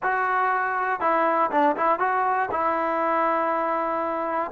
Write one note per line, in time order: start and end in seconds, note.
0.02 1.00 F#4
1.00 1.50 E4
1.51 1.76 D4
1.76 1.99 E4
1.99 2.49 F#4
2.51 4.51 E4